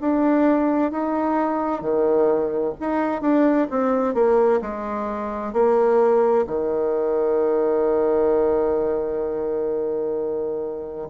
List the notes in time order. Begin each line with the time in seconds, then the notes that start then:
0.00 D4
0.91 D#4
1.81 D#3
2.80 D#4
3.21 D4
3.70 C4
4.14 A#3
4.61 G#3
5.53 A#3
6.47 D#3